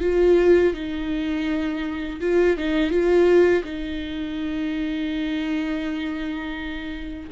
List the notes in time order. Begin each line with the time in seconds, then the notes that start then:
0.00 F4
0.73 D#4
2.20 F4
2.57 D#4
2.90 F4
3.64 D#4